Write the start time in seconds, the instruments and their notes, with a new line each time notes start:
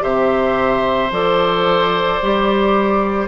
0.00 bassoon C3, clarinet G4, oboe C5, flute E5
1.11 bassoon F3, clarinet A4, flute D5
2.22 bassoon G3, clarinet G4